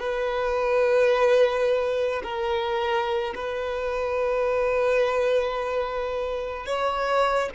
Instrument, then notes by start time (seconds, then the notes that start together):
violin
0.00 B4
2.23 A#4
3.35 B4
6.66 C#5